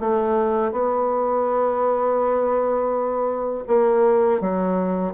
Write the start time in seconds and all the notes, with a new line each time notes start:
0.00 A3
0.72 B3
3.68 A#3
4.41 F#3